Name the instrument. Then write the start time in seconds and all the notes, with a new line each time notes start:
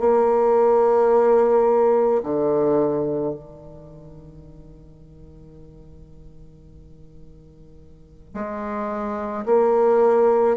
bassoon
0.00 A#3
2.24 D3
3.34 D#3
8.35 G#3
9.46 A#3